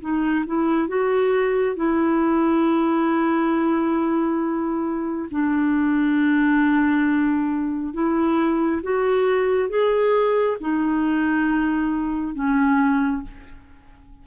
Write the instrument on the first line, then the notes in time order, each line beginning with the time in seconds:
clarinet
0.00 D#4
0.46 E4
0.88 F#4
1.76 E4
5.31 D4
7.93 E4
8.82 F#4
9.69 G#4
10.60 D#4
12.34 C#4